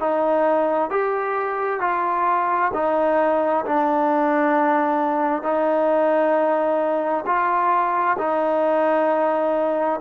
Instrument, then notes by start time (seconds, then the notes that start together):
trombone
0.00 D#4
0.90 G4
1.81 F4
2.74 D#4
3.66 D4
5.43 D#4
7.26 F4
8.19 D#4